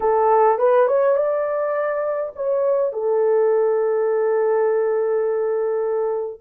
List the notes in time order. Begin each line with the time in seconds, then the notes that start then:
0.00 A4
0.58 B4
0.87 C#5
1.16 D5
2.35 C#5
2.92 A4